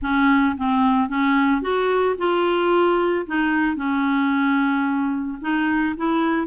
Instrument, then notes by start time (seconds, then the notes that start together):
clarinet
0.01 C#4
0.57 C4
1.08 C#4
1.61 F#4
2.17 F4
3.26 D#4
3.76 C#4
5.41 D#4
5.96 E4